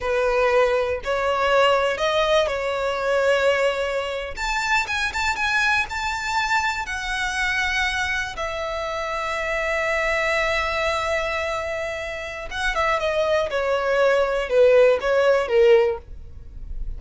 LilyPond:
\new Staff \with { instrumentName = "violin" } { \time 4/4 \tempo 4 = 120 b'2 cis''2 | dis''4 cis''2.~ | cis''8. a''4 gis''8 a''8 gis''4 a''16~ | a''4.~ a''16 fis''2~ fis''16~ |
fis''8. e''2.~ e''16~ | e''1~ | e''4 fis''8 e''8 dis''4 cis''4~ | cis''4 b'4 cis''4 ais'4 | }